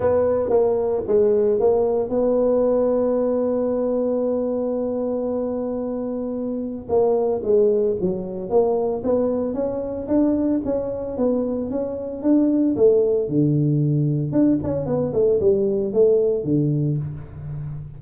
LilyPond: \new Staff \with { instrumentName = "tuba" } { \time 4/4 \tempo 4 = 113 b4 ais4 gis4 ais4 | b1~ | b1~ | b4 ais4 gis4 fis4 |
ais4 b4 cis'4 d'4 | cis'4 b4 cis'4 d'4 | a4 d2 d'8 cis'8 | b8 a8 g4 a4 d4 | }